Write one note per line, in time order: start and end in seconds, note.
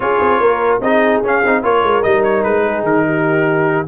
0.00 0.19 C#4
0.00 0.81 F4
0.00 0.39 G#4
0.00 0.79 C#5
0.20 0.39 C4
0.39 0.80 A#3
0.39 0.80 A#4
0.80 1.20 C4
0.80 1.23 D#4
0.80 1.62 G#4
0.80 1.22 D#5
1.23 1.43 C#4
1.23 1.63 F5
1.43 1.63 C4
1.43 1.63 D#4
1.63 1.83 A#3
1.63 2.03 F4
1.63 2.64 A#4
1.63 2.02 C#5
1.83 2.03 G#3
2.02 2.44 G3
2.02 3.86 D#4
2.02 2.23 D#5
2.23 2.43 C#5
2.43 2.83 G#3
2.43 2.84 B4
2.64 3.04 G#4
2.83 3.85 D#3
2.83 3.87 A#4
3.05 3.87 G4